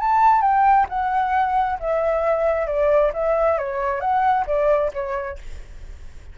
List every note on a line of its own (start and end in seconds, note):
0.00 0.42 A5
0.42 0.86 G5
0.89 1.79 F#5
1.80 2.67 E5
2.67 3.12 D5
3.14 3.58 E5
3.58 4.01 C#5
4.01 4.46 F#5
4.47 4.92 D5
4.94 5.39 C#5